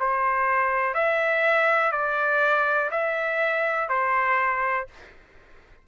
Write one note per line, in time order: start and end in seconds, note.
0.00 0.94 C5
0.94 1.92 E5
1.92 2.91 D5
2.92 3.89 E5
3.89 4.88 C5